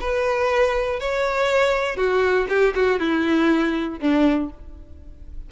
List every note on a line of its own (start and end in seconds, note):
0.00 1.00 B4
1.00 1.97 C#5
1.97 2.47 F#4
2.49 2.74 G4
2.75 2.99 F#4
2.99 3.99 E4
4.00 4.50 D4